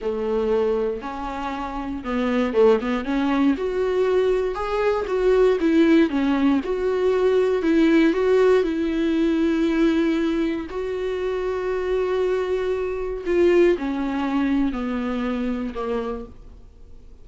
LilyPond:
\new Staff \with { instrumentName = "viola" } { \time 4/4 \tempo 4 = 118 a2 cis'2 | b4 a8 b8 cis'4 fis'4~ | fis'4 gis'4 fis'4 e'4 | cis'4 fis'2 e'4 |
fis'4 e'2.~ | e'4 fis'2.~ | fis'2 f'4 cis'4~ | cis'4 b2 ais4 | }